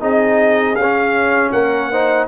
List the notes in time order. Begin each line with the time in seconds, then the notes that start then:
0.00 C4 D#4 G#4 D#5
0.75 C#4 F5
0.82 C#4
1.52 A#3 A#4 F#5
1.90 D#4 C5